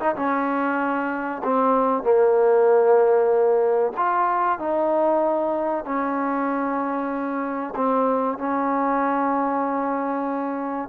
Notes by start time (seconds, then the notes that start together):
0.00 D#4
0.16 C#4
1.44 C4
2.04 A#3
3.97 F4
4.59 D#4
5.85 C#4
7.76 C4
8.39 C#4